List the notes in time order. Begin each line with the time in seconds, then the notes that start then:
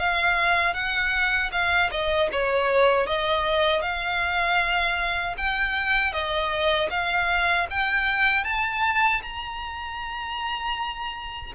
0.00 F5
0.74 F#5
1.52 F5
1.92 D#5
2.32 C#5
3.07 D#5
3.82 F5
5.38 G5
6.13 D#5
6.91 F5
7.71 G5
8.45 A5
9.22 A#5